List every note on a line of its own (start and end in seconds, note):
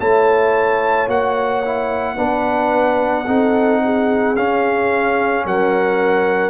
0.00 1.08 A3
0.00 1.08 E4
0.00 2.16 C#5
0.00 1.10 A5
1.08 2.17 A#3
1.08 1.63 F#4
1.08 4.36 F#5
1.65 2.17 E4
2.16 3.27 B3
2.16 3.26 D4
2.16 3.25 B4
3.27 4.36 C4
3.27 4.36 D#4
3.27 3.81 A4
3.84 5.46 G#4
4.36 5.45 C#4
4.36 6.50 C#4
4.36 5.45 F5
5.45 6.50 F#3
5.45 6.50 A#4
5.45 6.50 F#5